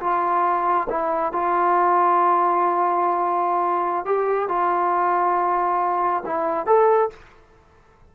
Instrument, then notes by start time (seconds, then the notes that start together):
trombone
0.00 F4
0.90 E4
1.32 F4
4.05 G4
4.48 F4
6.25 E4
6.66 A4